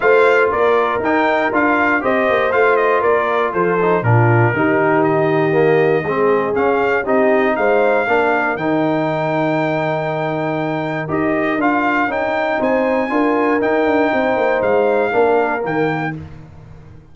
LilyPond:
<<
  \new Staff \with { instrumentName = "trumpet" } { \time 4/4 \tempo 4 = 119 f''4 d''4 g''4 f''4 | dis''4 f''8 dis''8 d''4 c''4 | ais'2 dis''2~ | dis''4 f''4 dis''4 f''4~ |
f''4 g''2.~ | g''2 dis''4 f''4 | g''4 gis''2 g''4~ | g''4 f''2 g''4 | }
  \new Staff \with { instrumentName = "horn" } { \time 4/4 c''4 ais'2. | c''2 ais'4 a'4 | f'4 g'2. | gis'2 g'4 c''4 |
ais'1~ | ais'1~ | ais'4 c''4 ais'2 | c''2 ais'2 | }
  \new Staff \with { instrumentName = "trombone" } { \time 4/4 f'2 dis'4 f'4 | g'4 f'2~ f'8 dis'8 | d'4 dis'2 ais4 | c'4 cis'4 dis'2 |
d'4 dis'2.~ | dis'2 g'4 f'4 | dis'2 f'4 dis'4~ | dis'2 d'4 ais4 | }
  \new Staff \with { instrumentName = "tuba" } { \time 4/4 a4 ais4 dis'4 d'4 | c'8 ais8 a4 ais4 f4 | ais,4 dis2. | gis4 cis'4 c'4 gis4 |
ais4 dis2.~ | dis2 dis'4 d'4 | cis'4 c'4 d'4 dis'8 d'8 | c'8 ais8 gis4 ais4 dis4 | }
>>